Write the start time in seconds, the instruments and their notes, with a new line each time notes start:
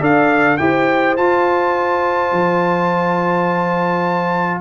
0.00 tuba D4, trombone A4, horn D5, trumpet F5
0.57 tuba E4, trombone G4, horn C5, trumpet G5
1.17 tuba F4, trombone F4, trumpet A5
2.32 tuba F3